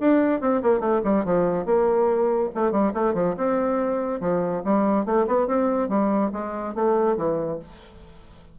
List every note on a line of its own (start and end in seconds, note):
0.00 0.41 D4
0.41 0.62 C4
0.63 0.80 A#3
0.80 1.01 A3
1.04 1.25 G3
1.25 1.66 F3
1.66 2.50 A#3
2.55 2.72 A3
2.72 2.93 G3
2.94 3.14 A3
3.14 3.35 F3
3.37 4.21 C4
4.21 4.63 F3
4.64 5.06 G3
5.06 5.27 A3
5.27 5.47 B3
5.47 5.89 C4
5.89 6.31 G3
6.32 6.75 G#3
6.75 7.17 A3
7.17 7.59 E3